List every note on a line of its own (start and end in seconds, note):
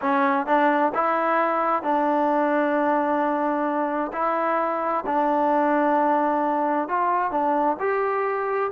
0.01 0.46 C#4
0.46 0.92 D4
0.94 1.82 E4
1.82 4.11 D4
4.13 5.04 E4
5.06 6.88 D4
6.88 7.31 F4
7.31 7.77 D4
7.79 8.71 G4